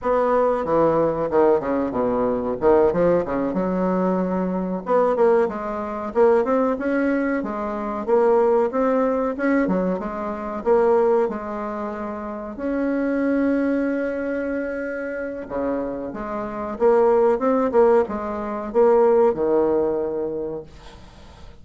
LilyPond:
\new Staff \with { instrumentName = "bassoon" } { \time 4/4 \tempo 4 = 93 b4 e4 dis8 cis8 b,4 | dis8 f8 cis8 fis2 b8 | ais8 gis4 ais8 c'8 cis'4 gis8~ | gis8 ais4 c'4 cis'8 fis8 gis8~ |
gis8 ais4 gis2 cis'8~ | cis'1 | cis4 gis4 ais4 c'8 ais8 | gis4 ais4 dis2 | }